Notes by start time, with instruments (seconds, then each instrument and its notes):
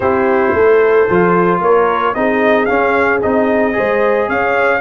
0.00 tuba C4, trombone E4, horn G4, trumpet C5
0.53 tuba A3, horn A4
1.09 tuba F3, trombone F4
1.60 tuba A#3, horn A#4, trumpet C#5
2.14 tuba C4, trombone D#4, horn G#4, trumpet D#5
2.65 trombone C#4, tuba C#4, trumpet F5
3.22 tuba C4, trombone D#4, trumpet D#5
3.72 tuba G#3, trombone G#4, horn C5
4.28 tuba C#4, horn C#5, trumpet F5